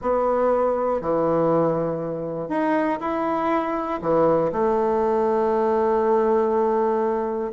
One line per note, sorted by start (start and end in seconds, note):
0.01 1.01 B3
1.01 2.48 E3
2.48 2.98 D#4
3.00 4.00 E4
4.01 4.51 E3
4.51 7.51 A3